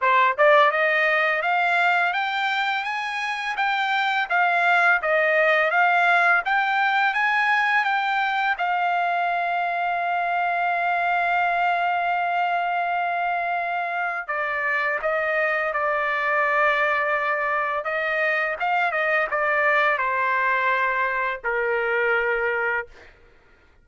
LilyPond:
\new Staff \with { instrumentName = "trumpet" } { \time 4/4 \tempo 4 = 84 c''8 d''8 dis''4 f''4 g''4 | gis''4 g''4 f''4 dis''4 | f''4 g''4 gis''4 g''4 | f''1~ |
f''1 | d''4 dis''4 d''2~ | d''4 dis''4 f''8 dis''8 d''4 | c''2 ais'2 | }